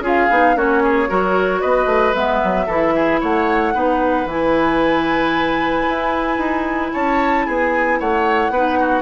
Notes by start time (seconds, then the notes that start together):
0.00 C#4 F4 G#4
0.07 F5
0.30 B3 D#4
0.55 A#3 C#4 F#4 C#5
0.84 G#4
1.08 F#3 F#4 A#4
1.61 B3 B4 D#5
1.86 A3
2.14 G#3 B3 E5
2.43 F#3
2.66 E3 E4 A4
2.95 G#4
3.20 A3 C#5 F#5
3.74 B3 D#4 B4
4.25 E3 E4 G#5
5.88 E4
6.37 D#4
6.93 C#4 C#5 A5
7.46 B3 G#4 G#5
7.99 A3 C#5 F#5
8.50 B3 D#4 B4
8.79 F#4